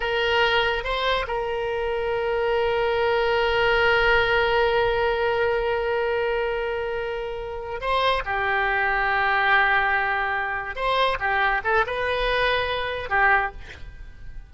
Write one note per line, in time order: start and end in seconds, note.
0.00 0.83 A#4
0.83 1.26 C5
1.27 7.80 A#4
7.80 8.23 C5
8.25 10.75 G4
10.75 11.17 C5
11.19 11.61 G4
11.64 11.85 A4
11.86 13.09 B4
13.09 13.51 G4